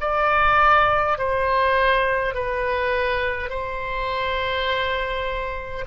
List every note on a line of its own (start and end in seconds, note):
0.00 1.18 D5
1.18 2.34 C5
2.34 3.49 B4
3.49 5.84 C5